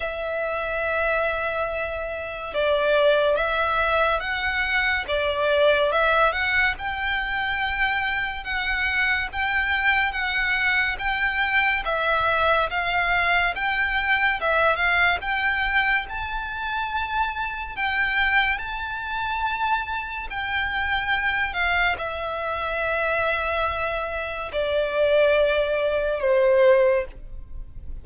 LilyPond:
\new Staff \with { instrumentName = "violin" } { \time 4/4 \tempo 4 = 71 e''2. d''4 | e''4 fis''4 d''4 e''8 fis''8 | g''2 fis''4 g''4 | fis''4 g''4 e''4 f''4 |
g''4 e''8 f''8 g''4 a''4~ | a''4 g''4 a''2 | g''4. f''8 e''2~ | e''4 d''2 c''4 | }